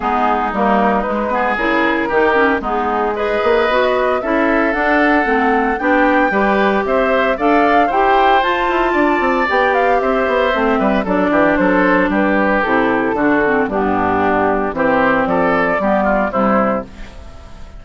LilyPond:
<<
  \new Staff \with { instrumentName = "flute" } { \time 4/4 \tempo 4 = 114 gis'4 ais'4 b'4 ais'4~ | ais'4 gis'4 dis''2 | e''4 fis''2 g''4~ | g''4 e''4 f''4 g''4 |
a''2 g''8 f''8 e''4~ | e''4 d''4 c''4 b'4 | a'2 g'2 | c''4 d''2 c''4 | }
  \new Staff \with { instrumentName = "oboe" } { \time 4/4 dis'2~ dis'8 gis'4. | g'4 dis'4 b'2 | a'2. g'4 | b'4 c''4 d''4 c''4~ |
c''4 d''2 c''4~ | c''8 b'8 a'8 g'8 a'4 g'4~ | g'4 fis'4 d'2 | g'4 a'4 g'8 f'8 e'4 | }
  \new Staff \with { instrumentName = "clarinet" } { \time 4/4 b4 ais4 gis8 b8 e'4 | dis'8 cis'8 b4 gis'4 fis'4 | e'4 d'4 c'4 d'4 | g'2 a'4 g'4 |
f'2 g'2 | c'4 d'2. | e'4 d'8 c'8 b2 | c'2 b4 g4 | }
  \new Staff \with { instrumentName = "bassoon" } { \time 4/4 gis4 g4 gis4 cis4 | dis4 gis4. ais8 b4 | cis'4 d'4 a4 b4 | g4 c'4 d'4 e'4 |
f'8 e'8 d'8 c'8 b4 c'8 b8 | a8 g8 fis8 e8 fis4 g4 | c4 d4 g,2 | e4 f4 g4 c4 | }
>>